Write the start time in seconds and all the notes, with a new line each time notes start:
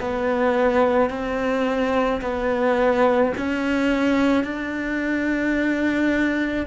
0.00 B3
1.10 C4
2.22 B3
3.37 C#4
4.44 D4